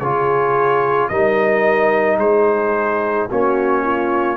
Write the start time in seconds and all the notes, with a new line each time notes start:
0.00 C#3 F4 G#4 C#5
1.09 G3 D#4 A#4 D#5
2.17 G#3 G#4 C5
3.28 A#3 C#4 F#4 C#5
3.83 F4